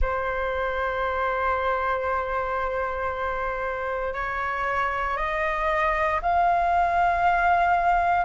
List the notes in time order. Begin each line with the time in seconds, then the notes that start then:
0.01 C5
4.13 C#5
5.17 D#5
6.22 F5